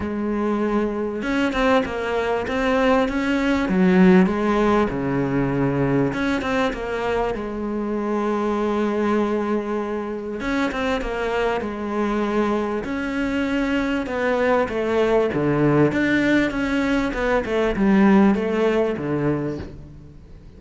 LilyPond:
\new Staff \with { instrumentName = "cello" } { \time 4/4 \tempo 4 = 98 gis2 cis'8 c'8 ais4 | c'4 cis'4 fis4 gis4 | cis2 cis'8 c'8 ais4 | gis1~ |
gis4 cis'8 c'8 ais4 gis4~ | gis4 cis'2 b4 | a4 d4 d'4 cis'4 | b8 a8 g4 a4 d4 | }